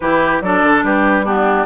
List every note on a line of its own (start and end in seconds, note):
0.00 0.41 E3
0.00 0.43 E4
0.00 0.42 G4
0.00 0.39 B4
0.41 0.61 F#3
0.41 1.25 D4
0.41 0.85 A4
0.41 0.83 D5
0.63 0.82 D3
0.82 1.65 G3
0.82 1.25 G4
0.82 1.25 B4
1.25 1.65 B3
1.25 1.65 D4
1.25 1.65 G4